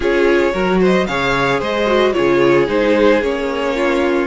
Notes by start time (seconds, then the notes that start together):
0.00 C#4 F4 G#4 C#5
0.52 F#3 F#4 A#4
0.80 C5 D#5
1.06 C#3 G#4 C#5 F5
1.60 G#3 C5 D#5
1.86 F#4
2.12 C#3 F4 G#4 C#5
2.66 G#3 D#4 C5
3.21 A#3 C#4 C#5
3.75 F4